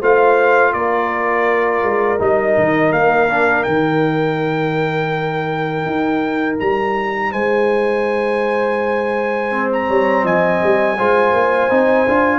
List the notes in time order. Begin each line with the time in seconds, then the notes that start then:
0.00 A3 F4 C5 F5
0.73 A#3 A#4 D5
1.83 G#3
2.18 G3 D#4 D#5
2.57 D#3
2.92 A#3 F5
3.29 D4
3.63 D#3 D#4 G5
5.86 D#4
6.59 G3 A#5
7.30 G#3 C5 G#5
9.50 C4
9.72 A#5
9.87 G3 C#5
10.23 F3 D#5 G#5
10.63 G3
10.98 G#3 F4 C5
11.32 A#3
11.70 C4 D#4
12.07 D4 F4